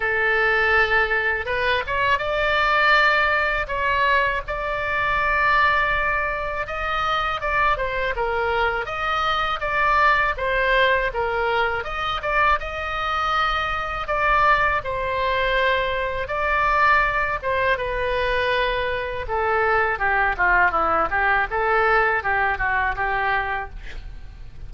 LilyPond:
\new Staff \with { instrumentName = "oboe" } { \time 4/4 \tempo 4 = 81 a'2 b'8 cis''8 d''4~ | d''4 cis''4 d''2~ | d''4 dis''4 d''8 c''8 ais'4 | dis''4 d''4 c''4 ais'4 |
dis''8 d''8 dis''2 d''4 | c''2 d''4. c''8 | b'2 a'4 g'8 f'8 | e'8 g'8 a'4 g'8 fis'8 g'4 | }